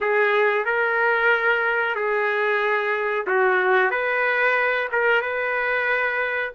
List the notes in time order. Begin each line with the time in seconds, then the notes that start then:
0.00 G#4
0.65 A#4
1.95 G#4
3.26 F#4
3.90 B4
4.92 A#4
5.21 B4